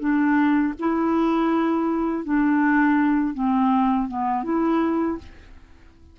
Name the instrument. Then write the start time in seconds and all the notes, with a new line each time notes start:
clarinet
0.00 D4
0.79 E4
2.25 D4
3.34 C4
4.08 B3
4.44 E4